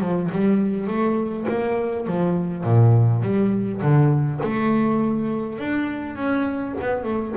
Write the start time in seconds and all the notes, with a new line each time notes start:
0.00 F3
0.31 G3
0.87 A3
1.48 A#3
2.06 F3
2.63 A#2
3.22 G3
3.81 D3
4.43 A3
5.58 D4
6.15 C#4
6.81 B3
7.03 A3